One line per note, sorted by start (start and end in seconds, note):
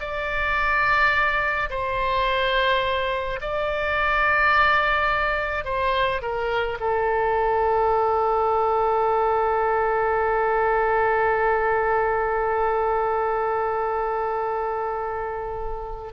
0.00 1.70 D5
1.70 3.40 C5
3.41 5.64 D5
5.64 6.21 C5
6.22 6.78 A#4
6.80 16.13 A4